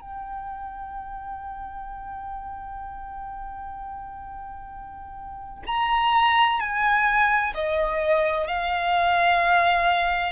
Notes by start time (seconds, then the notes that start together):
0.00 G5
5.66 A#5
6.60 G#5
7.54 D#5
8.47 F5